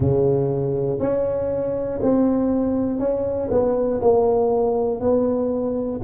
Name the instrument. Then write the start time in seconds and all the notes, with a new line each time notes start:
tuba
0.00 C#3
1.00 C#4
2.01 C4
2.99 C#4
3.50 B3
4.00 A#3
5.00 B3